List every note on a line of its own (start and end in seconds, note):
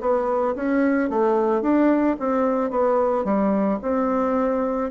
0.00 0.55 B3
0.55 1.09 C#4
1.09 1.61 A3
1.61 2.16 D4
2.19 2.70 C4
2.70 3.24 B3
3.24 3.78 G3
3.81 4.90 C4